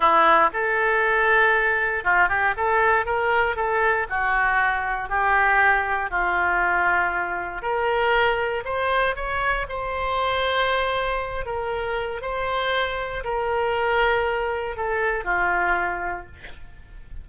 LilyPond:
\new Staff \with { instrumentName = "oboe" } { \time 4/4 \tempo 4 = 118 e'4 a'2. | f'8 g'8 a'4 ais'4 a'4 | fis'2 g'2 | f'2. ais'4~ |
ais'4 c''4 cis''4 c''4~ | c''2~ c''8 ais'4. | c''2 ais'2~ | ais'4 a'4 f'2 | }